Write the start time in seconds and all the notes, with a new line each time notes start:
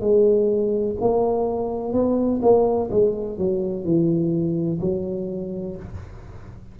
0.00 G#3
1.00 A#3
1.93 B3
2.42 A#3
2.90 G#3
3.38 F#3
3.84 E3
4.81 F#3